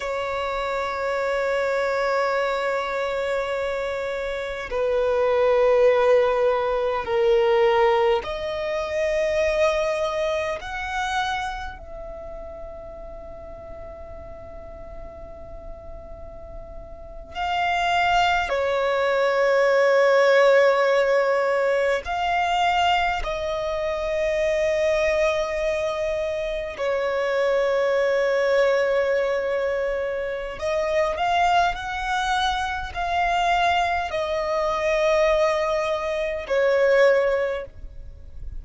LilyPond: \new Staff \with { instrumentName = "violin" } { \time 4/4 \tempo 4 = 51 cis''1 | b'2 ais'4 dis''4~ | dis''4 fis''4 e''2~ | e''2~ e''8. f''4 cis''16~ |
cis''2~ cis''8. f''4 dis''16~ | dis''2~ dis''8. cis''4~ cis''16~ | cis''2 dis''8 f''8 fis''4 | f''4 dis''2 cis''4 | }